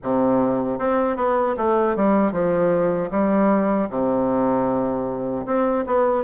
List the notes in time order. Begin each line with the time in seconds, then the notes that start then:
0.02 C3
0.78 C4
1.16 B3
1.57 A3
1.96 G3
2.32 F3
3.10 G3
3.89 C3
5.45 C4
5.86 B3